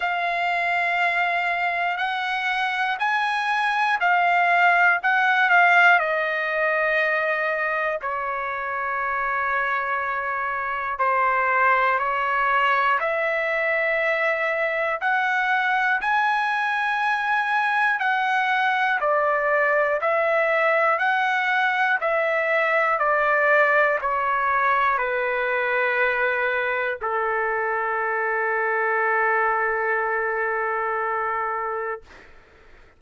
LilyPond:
\new Staff \with { instrumentName = "trumpet" } { \time 4/4 \tempo 4 = 60 f''2 fis''4 gis''4 | f''4 fis''8 f''8 dis''2 | cis''2. c''4 | cis''4 e''2 fis''4 |
gis''2 fis''4 d''4 | e''4 fis''4 e''4 d''4 | cis''4 b'2 a'4~ | a'1 | }